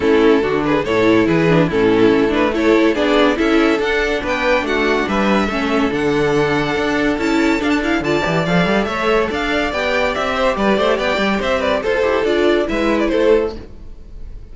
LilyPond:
<<
  \new Staff \with { instrumentName = "violin" } { \time 4/4 \tempo 4 = 142 a'4. b'8 cis''4 b'4 | a'4. b'8 cis''4 d''4 | e''4 fis''4 g''4 fis''4 | e''2 fis''2~ |
fis''4 a''4 f''16 a''16 f''8 a''4 | f''4 e''4 f''4 g''4 | e''4 d''4 g''4 e''8 d''8 | c''4 d''4 e''8. d''16 c''4 | }
  \new Staff \with { instrumentName = "violin" } { \time 4/4 e'4 fis'8 gis'8 a'4 gis'4 | e'2 a'4 gis'4 | a'2 b'4 fis'4 | b'4 a'2.~ |
a'2. d''4~ | d''4 cis''4 d''2~ | d''8 c''8 b'8 c''8 d''4 c''8 b'8 | a'2 b'4 a'4 | }
  \new Staff \with { instrumentName = "viola" } { \time 4/4 cis'4 d'4 e'4. d'8 | cis'4. d'8 e'4 d'4 | e'4 d'2.~ | d'4 cis'4 d'2~ |
d'4 e'4 d'8 e'8 f'8 g'8 | a'2. g'4~ | g'1 | a'8 g'8 f'4 e'2 | }
  \new Staff \with { instrumentName = "cello" } { \time 4/4 a4 d4 a,4 e4 | a,4 a2 b4 | cis'4 d'4 b4 a4 | g4 a4 d2 |
d'4 cis'4 d'4 d8 e8 | f8 g8 a4 d'4 b4 | c'4 g8 a8 b8 g8 c'4 | f'8 e'8 d'4 gis4 a4 | }
>>